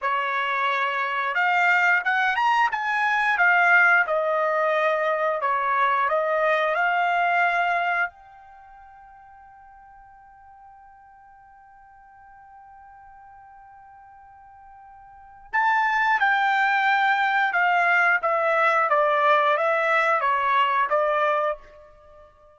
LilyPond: \new Staff \with { instrumentName = "trumpet" } { \time 4/4 \tempo 4 = 89 cis''2 f''4 fis''8 ais''8 | gis''4 f''4 dis''2 | cis''4 dis''4 f''2 | g''1~ |
g''1~ | g''2. a''4 | g''2 f''4 e''4 | d''4 e''4 cis''4 d''4 | }